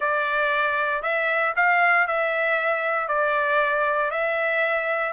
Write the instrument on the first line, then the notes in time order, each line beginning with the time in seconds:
trumpet
0.00 D5
1.02 E5
1.55 F5
2.07 E5
3.08 D5
4.10 E5